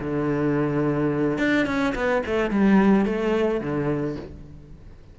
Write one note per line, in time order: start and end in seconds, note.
0.00 1.38 D3
1.38 1.66 D4
1.66 1.94 C#4
1.95 2.23 B3
2.26 2.51 A3
2.51 3.05 G3
3.05 3.60 A3
3.60 4.16 D3